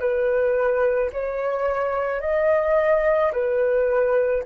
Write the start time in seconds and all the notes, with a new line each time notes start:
0.00 B4
1.13 C#5
2.21 D#5
3.33 B4